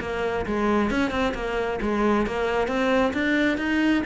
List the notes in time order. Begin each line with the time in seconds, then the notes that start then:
0.00 A#3
0.46 G#3
0.90 C#4
1.10 C4
1.34 A#3
1.81 G#3
2.26 A#3
2.67 C4
3.13 D4
3.57 D#4